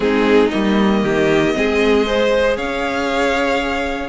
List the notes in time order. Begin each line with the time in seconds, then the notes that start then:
0.00 G#3 C4 D#4 G#4
0.51 G3 A#3 D#5
1.02 D#3 G4
1.54 G#3 C4 G#4
2.06 G#4 C5
2.56 C#4 C#5 F5